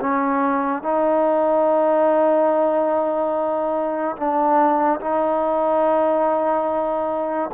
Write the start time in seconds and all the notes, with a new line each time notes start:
0.00 C#4
0.82 D#4
4.16 D4
5.00 D#4